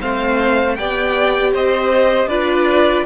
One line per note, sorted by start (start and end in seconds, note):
0.00 0.79 A3
0.00 0.77 C4
0.00 0.77 C5
0.00 0.75 F5
0.75 1.54 B3
0.75 2.30 G4
0.75 1.53 D5
0.75 1.52 G5
1.53 2.26 C4
1.53 2.28 C5
1.53 2.28 D#5
2.26 3.03 D4
2.26 3.06 F4
2.26 3.05 B4
2.26 3.05 D5